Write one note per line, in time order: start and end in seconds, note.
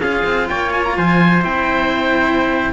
0.00 0.24 C#4
0.00 1.42 F4
0.00 0.50 G#4
0.00 0.49 F5
0.26 0.50 C4
0.49 0.98 A#3
0.49 0.98 C#5
0.49 0.73 G5
0.73 0.85 G#5
0.85 0.97 A#5
0.98 1.45 F3
0.98 2.74 C5
0.98 1.45 G#5
1.42 2.74 C4
1.42 2.73 E4
1.42 2.74 G5